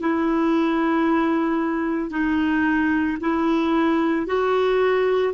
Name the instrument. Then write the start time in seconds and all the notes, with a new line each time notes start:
clarinet
0.00 E4
2.10 D#4
3.20 E4
4.26 F#4